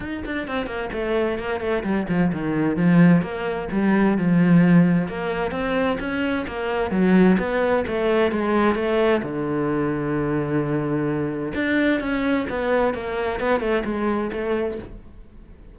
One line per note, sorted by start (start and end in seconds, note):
0.00 0.23 D#4
0.25 0.47 D4
0.47 0.66 C4
0.66 0.89 A#3
0.92 1.38 A3
1.38 1.60 A#3
1.60 1.83 A3
1.83 2.06 G3
2.08 2.31 F3
2.32 2.76 D#3
2.76 3.22 F3
3.22 3.68 A#3
3.71 4.17 G3
4.17 5.08 F3
5.08 5.51 A#3
5.51 5.97 C4
5.99 6.45 C#4
6.47 6.90 A#3
6.90 7.37 F#3
7.38 7.84 B3
7.87 8.31 A3
8.31 8.75 G#3
8.75 9.21 A3
9.22 11.53 D3
11.54 12.00 D4
12.00 12.46 C#4
12.49 12.94 B3
12.94 13.40 A#3
13.40 13.60 B3
13.60 13.83 A3
13.84 14.31 G#3
14.32 14.78 A3